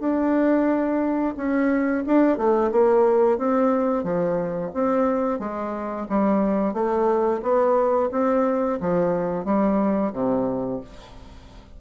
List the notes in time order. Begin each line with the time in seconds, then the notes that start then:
0.00 D4
1.37 C#4
2.07 D4
2.38 A3
2.72 A#3
3.39 C4
4.04 F3
4.75 C4
5.40 G#3
6.10 G3
6.74 A3
7.43 B3
8.12 C4
8.81 F3
9.45 G3
10.13 C3